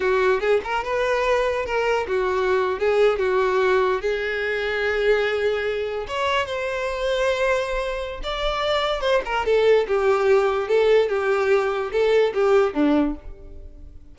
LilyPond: \new Staff \with { instrumentName = "violin" } { \time 4/4 \tempo 4 = 146 fis'4 gis'8 ais'8 b'2 | ais'4 fis'4.~ fis'16 gis'4 fis'16~ | fis'4.~ fis'16 gis'2~ gis'16~ | gis'2~ gis'8. cis''4 c''16~ |
c''1 | d''2 c''8 ais'8 a'4 | g'2 a'4 g'4~ | g'4 a'4 g'4 d'4 | }